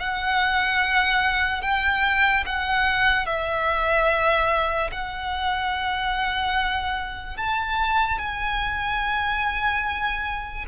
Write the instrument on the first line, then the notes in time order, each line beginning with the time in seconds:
violin
0.00 F#5
1.62 G5
2.46 F#5
3.26 E5
4.92 F#5
7.37 A5
8.19 G#5